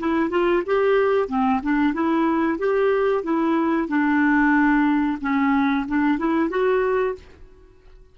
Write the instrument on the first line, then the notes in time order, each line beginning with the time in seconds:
clarinet
0.00 E4
0.31 F4
0.67 G4
1.28 C4
1.64 D4
1.94 E4
2.59 G4
3.24 E4
3.89 D4
5.21 C#4
5.88 D4
6.19 E4
6.50 F#4